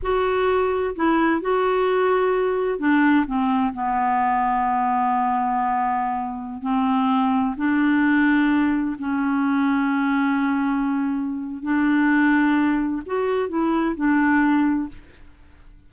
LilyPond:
\new Staff \with { instrumentName = "clarinet" } { \time 4/4 \tempo 4 = 129 fis'2 e'4 fis'4~ | fis'2 d'4 c'4 | b1~ | b2~ b16 c'4.~ c'16~ |
c'16 d'2. cis'8.~ | cis'1~ | cis'4 d'2. | fis'4 e'4 d'2 | }